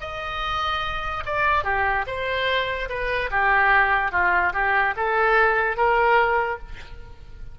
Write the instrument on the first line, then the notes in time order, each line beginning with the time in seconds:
oboe
0.00 D#5
1.26 D5
1.64 G4
2.06 C5
2.89 B4
3.30 G4
4.11 F4
4.53 G4
4.96 A4
5.76 A#4